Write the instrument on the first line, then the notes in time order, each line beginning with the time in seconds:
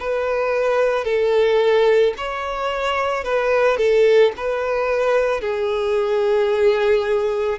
violin
0.00 B4
1.05 A4
2.18 C#5
3.24 B4
3.78 A4
4.37 B4
5.41 G#4